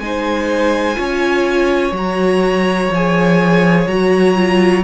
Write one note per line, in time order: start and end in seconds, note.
0.00 0.97 G#3
0.00 0.95 D#4
0.00 0.98 C5
0.00 1.94 G#5
0.95 1.92 C#4
0.95 1.92 F4
0.95 4.84 C#5
1.92 2.89 F#3
1.92 2.91 F#4
1.92 2.94 A#5
2.90 3.86 F3
2.90 3.89 G#4
2.90 3.88 G#5
3.88 4.84 F#3
3.88 4.36 F#4
3.88 4.84 A#5
4.36 4.84 F4